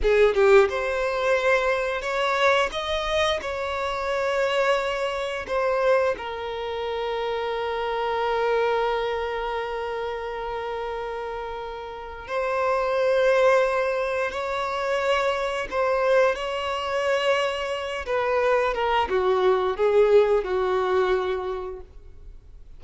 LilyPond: \new Staff \with { instrumentName = "violin" } { \time 4/4 \tempo 4 = 88 gis'8 g'8 c''2 cis''4 | dis''4 cis''2. | c''4 ais'2.~ | ais'1~ |
ais'2 c''2~ | c''4 cis''2 c''4 | cis''2~ cis''8 b'4 ais'8 | fis'4 gis'4 fis'2 | }